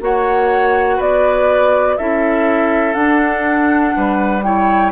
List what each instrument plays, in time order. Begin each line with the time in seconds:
0.00 bassoon A#3, clarinet F#4, oboe C#5, flute F#5
0.97 bassoon B3, oboe B4, flute D5
1.97 bassoon C#4, clarinet E4, oboe A4, flute E5
2.93 clarinet D4, bassoon D4, flute F#5
3.96 bassoon G3, oboe B4
4.42 clarinet E4, oboe C#5, flute G5